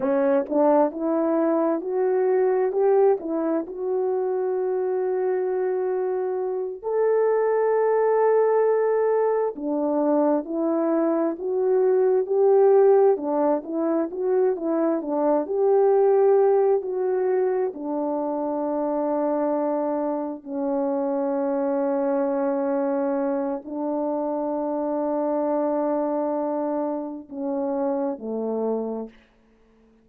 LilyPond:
\new Staff \with { instrumentName = "horn" } { \time 4/4 \tempo 4 = 66 cis'8 d'8 e'4 fis'4 g'8 e'8 | fis'2.~ fis'8 a'8~ | a'2~ a'8 d'4 e'8~ | e'8 fis'4 g'4 d'8 e'8 fis'8 |
e'8 d'8 g'4. fis'4 d'8~ | d'2~ d'8 cis'4.~ | cis'2 d'2~ | d'2 cis'4 a4 | }